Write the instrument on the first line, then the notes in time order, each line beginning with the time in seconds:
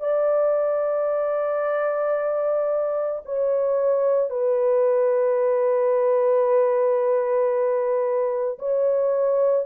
horn
0.00 D5
3.25 C#5
4.30 B4
8.59 C#5